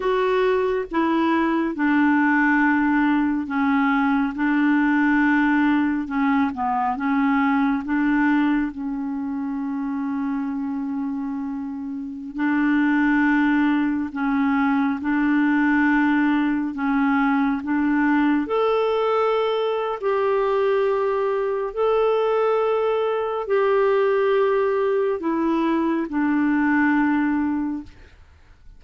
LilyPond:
\new Staff \with { instrumentName = "clarinet" } { \time 4/4 \tempo 4 = 69 fis'4 e'4 d'2 | cis'4 d'2 cis'8 b8 | cis'4 d'4 cis'2~ | cis'2~ cis'16 d'4.~ d'16~ |
d'16 cis'4 d'2 cis'8.~ | cis'16 d'4 a'4.~ a'16 g'4~ | g'4 a'2 g'4~ | g'4 e'4 d'2 | }